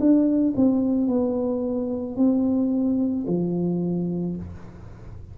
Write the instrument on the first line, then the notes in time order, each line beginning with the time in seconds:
tuba
0.00 D4
0.56 C4
1.08 B3
2.16 C4
3.27 F3